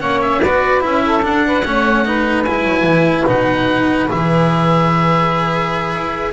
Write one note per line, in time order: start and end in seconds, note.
0.00 0.43 A#3
0.00 0.41 C#4
0.00 0.41 C#5
0.00 0.21 F#5
0.22 0.42 E5
0.42 0.84 B3
0.42 0.81 F#4
0.42 1.04 B4
0.42 0.83 D5
0.81 1.26 C#4
0.81 1.21 E4
0.81 1.26 E5
1.06 1.46 A4
1.22 1.63 D4
1.22 1.65 D4
1.22 2.44 F#5
1.46 1.65 B4
1.65 2.47 A3
1.65 2.05 C#4
1.65 2.06 C#5
2.05 2.46 D#4
2.05 6.33 B4
2.44 2.63 G#3
2.44 3.27 E4
2.44 3.26 G#5
2.63 2.83 F#3
2.83 3.24 E3
3.27 4.09 B2
3.27 4.09 D#4
3.27 4.11 F#5
4.09 5.96 E3
4.09 6.33 G#4
4.09 6.33 E5
5.96 6.33 E4